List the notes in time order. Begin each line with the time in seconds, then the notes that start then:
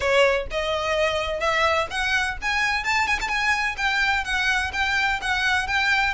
0.00 C#5
0.50 D#5
1.40 E5
1.90 F#5
2.41 G#5
2.83 A5
3.07 G#5
3.20 A5
3.28 G#5
3.77 G5
4.24 F#5
4.72 G5
5.21 F#5
5.67 G5